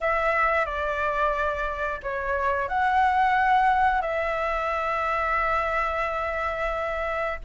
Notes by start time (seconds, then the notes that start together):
0.00 E5
0.65 D5
2.02 C#5
2.68 F#5
4.01 E5